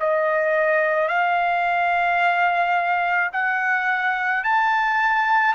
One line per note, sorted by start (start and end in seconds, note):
0.00 1.09 D#5
1.09 3.31 F5
3.33 4.44 F#5
4.44 5.55 A5